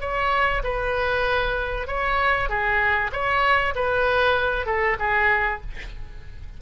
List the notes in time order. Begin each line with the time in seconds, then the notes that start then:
0.00 C#5
0.63 B4
1.87 C#5
2.49 G#4
3.12 C#5
3.75 B4
4.66 A4
4.99 G#4